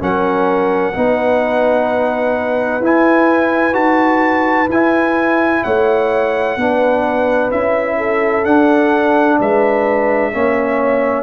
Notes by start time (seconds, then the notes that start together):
0.00 F#3 C#4 A#4 F#5
0.94 B3 D#4 B4
2.81 E4 G#5
3.73 D#4 F#4 A5
4.69 E4 G#5
5.64 A3 C#5 F#5
6.57 B3 D4 B4
7.52 C#4 E4 E5
7.98 A4
8.45 D4 F#5
9.39 G#3 B4 E5
10.32 A#3 C#4 C#5